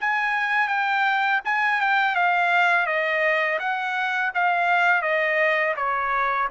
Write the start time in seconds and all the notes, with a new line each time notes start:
0.00 G#5
0.68 G5
1.45 G#5
1.80 G5
2.15 F5
2.86 D#5
3.59 F#5
4.34 F5
5.02 D#5
5.76 C#5